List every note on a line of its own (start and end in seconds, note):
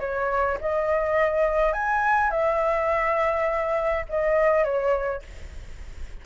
0.00 0.58 C#5
0.61 1.73 D#5
1.73 2.31 G#5
2.31 4.06 E5
4.09 4.64 D#5
4.64 5.22 C#5